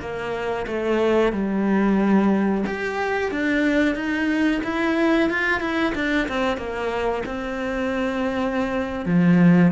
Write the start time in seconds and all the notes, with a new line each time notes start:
0.00 A#3
0.66 A3
1.32 G3
2.66 G4
3.31 D4
3.95 D#4
4.63 E4
5.29 F4
5.60 E4
5.95 D4
6.28 C4
6.57 A#3
7.25 C4
9.05 F3